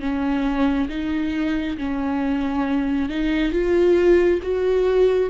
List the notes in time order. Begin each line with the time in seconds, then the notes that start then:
0.00 C#4
0.89 D#4
1.78 C#4
3.09 D#4
3.52 F4
4.42 F#4